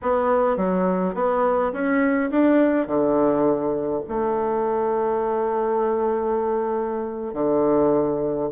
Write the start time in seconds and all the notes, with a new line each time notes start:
0.02 B3
0.56 F#3
1.14 B3
1.73 C#4
2.30 D4
2.87 D3
4.08 A3
7.33 D3